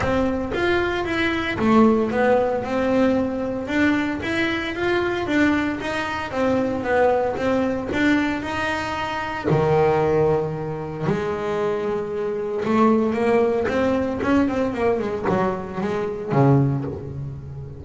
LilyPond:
\new Staff \with { instrumentName = "double bass" } { \time 4/4 \tempo 4 = 114 c'4 f'4 e'4 a4 | b4 c'2 d'4 | e'4 f'4 d'4 dis'4 | c'4 b4 c'4 d'4 |
dis'2 dis2~ | dis4 gis2. | a4 ais4 c'4 cis'8 c'8 | ais8 gis8 fis4 gis4 cis4 | }